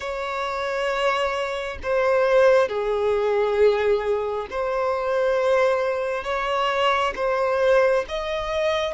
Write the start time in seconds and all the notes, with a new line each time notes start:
0.00 C#5
1.82 C5
2.68 G#4
4.50 C5
6.24 C#5
7.15 C5
8.08 D#5